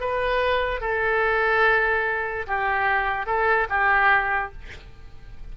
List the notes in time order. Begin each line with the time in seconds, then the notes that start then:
0.00 B4
0.81 A4
2.47 G4
3.26 A4
3.69 G4